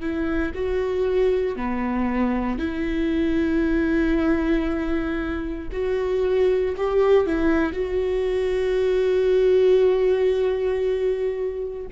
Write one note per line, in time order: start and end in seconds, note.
0.00 0.52 E4
0.55 1.56 F#4
1.56 2.58 B3
2.58 5.68 E4
5.72 6.75 F#4
6.77 7.26 G4
7.26 7.73 E4
7.73 11.86 F#4